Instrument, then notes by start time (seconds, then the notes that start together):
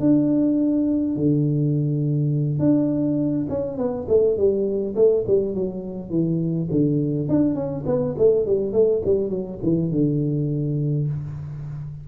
tuba
0.00 D4
1.16 D3
2.59 D4
3.49 C#4
3.77 B3
4.08 A3
4.37 G3
4.95 A3
5.27 G3
5.54 F#3
6.10 E3
6.71 D3
7.28 D4
7.55 C#4
7.86 B3
8.18 A3
8.46 G3
8.72 A3
9.05 G3
9.29 F#3
9.62 E3
9.91 D3